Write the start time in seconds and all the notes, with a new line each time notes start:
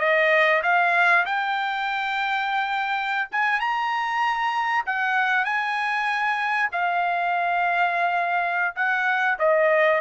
0.00 D#5
0.63 F5
1.26 G5
3.32 G#5
3.61 A#5
4.87 F#5
5.45 G#5
6.72 F5
8.76 F#5
9.39 D#5